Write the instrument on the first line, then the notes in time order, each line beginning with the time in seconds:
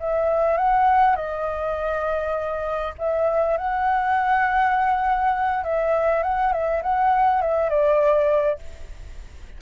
flute
0.00 E5
0.58 F#5
1.16 D#5
2.98 E5
3.58 F#5
5.64 E5
6.23 F#5
6.53 E5
6.83 F#5
7.42 E5
7.70 D5